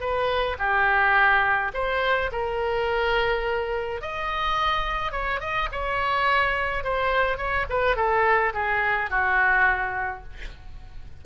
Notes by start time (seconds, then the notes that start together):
0.00 B4
0.58 G4
1.74 C5
2.32 A#4
4.01 D#5
5.11 C#5
5.40 D#5
5.71 C#5
6.84 C5
7.37 C#5
7.69 B4
7.96 A4
8.53 G#4
9.10 F#4